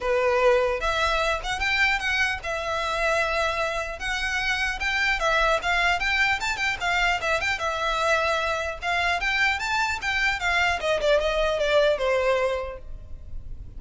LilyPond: \new Staff \with { instrumentName = "violin" } { \time 4/4 \tempo 4 = 150 b'2 e''4. fis''8 | g''4 fis''4 e''2~ | e''2 fis''2 | g''4 e''4 f''4 g''4 |
a''8 g''8 f''4 e''8 g''8 e''4~ | e''2 f''4 g''4 | a''4 g''4 f''4 dis''8 d''8 | dis''4 d''4 c''2 | }